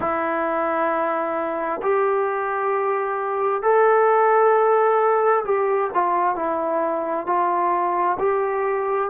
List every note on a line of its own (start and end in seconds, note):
0.00 1.81 E4
1.82 3.62 G4
3.62 5.44 A4
5.45 5.90 G4
5.94 6.35 F4
6.35 7.26 E4
7.26 8.17 F4
8.19 9.10 G4